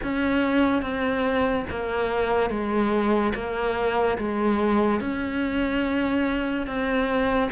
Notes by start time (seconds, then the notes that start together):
0.03 C#4
0.82 C4
1.69 A#3
2.50 G#3
3.34 A#3
4.18 G#3
5.00 C#4
6.66 C4